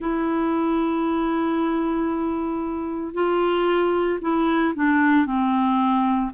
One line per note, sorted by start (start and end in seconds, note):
0.00 3.13 E4
3.13 4.19 F4
4.21 4.74 E4
4.75 5.25 D4
5.25 6.31 C4